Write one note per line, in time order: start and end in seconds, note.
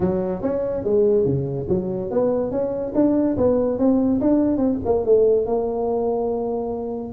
0.00 0.42 F#3
0.42 0.84 C#4
0.84 1.25 G#3
1.25 1.67 C#3
1.69 2.11 F#3
2.11 2.51 B3
2.51 2.93 C#4
2.95 3.37 D4
3.37 3.78 B3
3.78 4.20 C4
4.21 4.57 D4
4.57 4.78 C4
4.85 5.05 A#3
5.05 5.45 A3
5.45 7.13 A#3